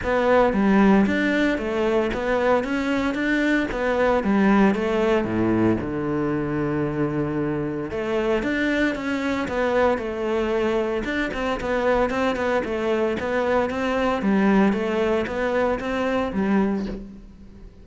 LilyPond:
\new Staff \with { instrumentName = "cello" } { \time 4/4 \tempo 4 = 114 b4 g4 d'4 a4 | b4 cis'4 d'4 b4 | g4 a4 a,4 d4~ | d2. a4 |
d'4 cis'4 b4 a4~ | a4 d'8 c'8 b4 c'8 b8 | a4 b4 c'4 g4 | a4 b4 c'4 g4 | }